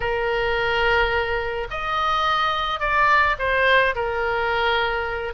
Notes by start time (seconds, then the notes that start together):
0.00 A#4
1.70 D#5
2.80 D5
3.38 C5
3.95 A#4